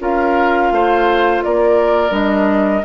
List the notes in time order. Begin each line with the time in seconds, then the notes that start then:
0.00 C#4 F4 A#4 F5
0.72 A3 C5
1.44 A#3 A#4 D5
2.10 G3 D4 D#5